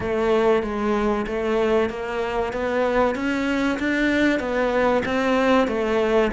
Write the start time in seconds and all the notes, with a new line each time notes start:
0.00 A3
0.62 G#3
1.27 A3
1.89 A#3
2.52 B3
3.15 C#4
3.79 D4
4.39 B3
5.05 C4
5.67 A3